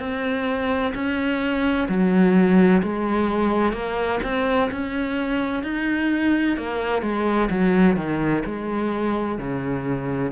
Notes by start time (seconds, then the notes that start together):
0.00 C4
0.95 C#4
1.89 F#3
2.83 G#3
3.73 A#3
4.24 C4
4.72 C#4
5.64 D#4
6.58 A#3
7.03 G#3
7.50 F#3
7.97 D#3
8.46 G#3
9.39 C#3